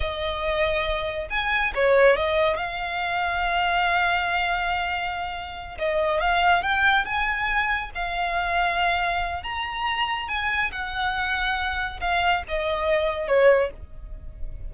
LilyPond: \new Staff \with { instrumentName = "violin" } { \time 4/4 \tempo 4 = 140 dis''2. gis''4 | cis''4 dis''4 f''2~ | f''1~ | f''4. dis''4 f''4 g''8~ |
g''8 gis''2 f''4.~ | f''2 ais''2 | gis''4 fis''2. | f''4 dis''2 cis''4 | }